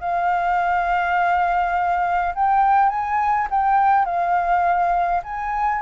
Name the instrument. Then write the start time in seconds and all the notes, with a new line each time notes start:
flute
0.00 F5
2.34 G5
2.89 G#5
3.50 G5
4.05 F5
5.23 G#5